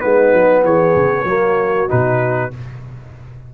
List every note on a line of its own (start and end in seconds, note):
0.00 0.33 G#3
0.00 1.25 B3
0.00 0.63 D#4
0.00 0.62 B4
0.33 0.63 F#3
0.63 0.94 E3
0.63 1.26 G#4
0.63 1.90 C#5
0.95 1.23 C#3
1.23 1.86 F#3
1.23 1.88 A#3
1.23 2.52 F#4
1.88 2.54 B2
1.88 2.50 D#4
1.88 2.52 B4